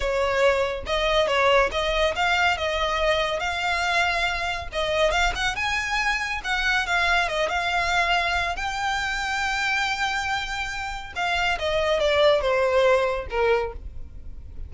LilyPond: \new Staff \with { instrumentName = "violin" } { \time 4/4 \tempo 4 = 140 cis''2 dis''4 cis''4 | dis''4 f''4 dis''2 | f''2. dis''4 | f''8 fis''8 gis''2 fis''4 |
f''4 dis''8 f''2~ f''8 | g''1~ | g''2 f''4 dis''4 | d''4 c''2 ais'4 | }